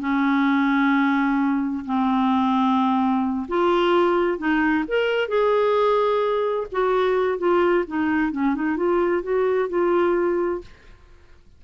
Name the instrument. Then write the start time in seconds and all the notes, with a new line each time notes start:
clarinet
0.00 C#4
1.85 C4
3.48 F4
4.38 D#4
4.88 A#4
5.28 G#4
6.72 F#4
7.38 F4
7.87 D#4
8.32 C#4
8.55 D#4
8.77 F4
9.23 F#4
9.69 F4